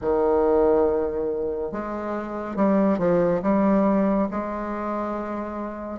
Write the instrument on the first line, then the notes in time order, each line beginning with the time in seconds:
bassoon
0.01 D#3
1.72 G#3
2.56 G3
2.98 F3
3.42 G3
4.31 G#3